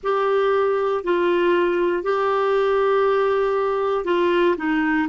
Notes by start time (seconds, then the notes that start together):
0.03 G4
1.04 F4
2.03 G4
4.04 F4
4.57 D#4